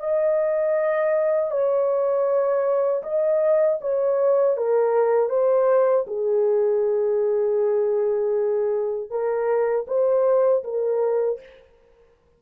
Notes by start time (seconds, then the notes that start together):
0.00 D#5
1.51 C#5
3.03 D#5
3.81 C#5
4.57 A#4
5.30 C5
6.07 G#4
9.10 A#4
9.88 C5
10.64 A#4